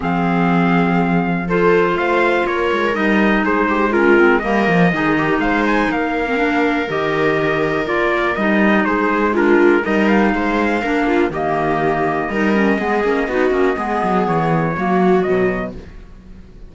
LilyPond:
<<
  \new Staff \with { instrumentName = "trumpet" } { \time 4/4 \tempo 4 = 122 f''2. c''4 | f''4 cis''4 dis''4 c''4 | ais'4 dis''2 f''8 gis''8 | f''2 dis''2 |
d''4 dis''4 c''4 ais'4 | dis''8 f''2~ f''8 dis''4~ | dis''1~ | dis''4 cis''2 dis''4 | }
  \new Staff \with { instrumentName = "viola" } { \time 4/4 gis'2. a'4 | c''4 ais'2 gis'8 g'8 | f'4 ais'4 gis'8 g'8 c''4 | ais'1~ |
ais'2 gis'4 f'4 | ais'4 c''4 ais'8 f'8 g'4~ | g'4 ais'4 gis'4 fis'4 | gis'2 fis'2 | }
  \new Staff \with { instrumentName = "clarinet" } { \time 4/4 c'2. f'4~ | f'2 dis'2 | cis'8 c'8 ais4 dis'2~ | dis'8. c'16 d'4 g'2 |
f'4 dis'2 d'4 | dis'2 d'4 ais4~ | ais4 dis'8 cis'8 b8 cis'8 dis'8 cis'8 | b2 ais4 fis4 | }
  \new Staff \with { instrumentName = "cello" } { \time 4/4 f1 | a4 ais8 gis8 g4 gis4~ | gis4 g8 f8 dis4 gis4 | ais2 dis2 |
ais4 g4 gis2 | g4 gis4 ais4 dis4~ | dis4 g4 gis8 ais8 b8 ais8 | gis8 fis8 e4 fis4 b,4 | }
>>